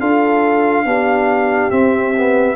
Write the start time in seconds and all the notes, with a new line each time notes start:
0.00 D4 F4 A4 F5
0.85 B3 D4 G4
1.71 C4 E5
2.17 B3